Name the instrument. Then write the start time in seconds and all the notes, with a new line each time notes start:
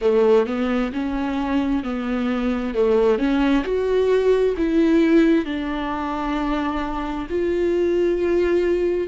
viola
0.01 A3
0.46 B3
0.93 C#4
1.83 B3
2.74 A3
3.18 C#4
3.64 F#4
4.57 E4
5.45 D4
7.29 F4